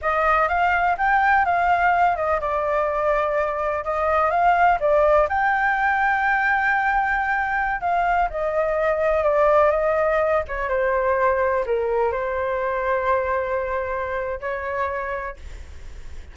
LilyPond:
\new Staff \with { instrumentName = "flute" } { \time 4/4 \tempo 4 = 125 dis''4 f''4 g''4 f''4~ | f''8 dis''8 d''2. | dis''4 f''4 d''4 g''4~ | g''1~ |
g''16 f''4 dis''2 d''8.~ | d''16 dis''4. cis''8 c''4.~ c''16~ | c''16 ais'4 c''2~ c''8.~ | c''2 cis''2 | }